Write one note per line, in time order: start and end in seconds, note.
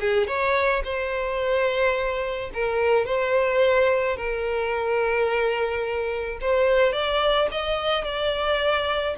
0.00 0.27 G#4
0.27 0.83 C#5
0.84 2.51 C5
2.54 3.06 A#4
3.06 4.16 C5
4.16 6.39 A#4
6.41 6.93 C5
6.93 7.48 D5
7.51 8.04 D#5
8.04 9.15 D5